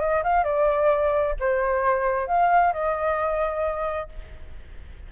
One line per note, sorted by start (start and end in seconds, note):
0.00 0.23 D#5
0.23 0.44 F5
0.44 1.35 D5
1.40 2.27 C5
2.27 2.73 F5
2.73 4.09 D#5